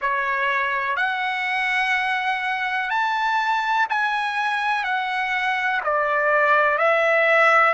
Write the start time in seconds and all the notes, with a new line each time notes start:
0.00 C#5
0.96 F#5
2.90 A5
3.89 G#5
4.83 F#5
5.83 D5
6.77 E5